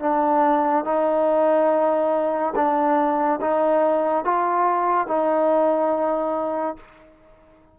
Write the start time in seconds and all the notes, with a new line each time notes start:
0.00 D4
0.85 D#4
2.55 D4
3.41 D#4
4.24 F4
5.07 D#4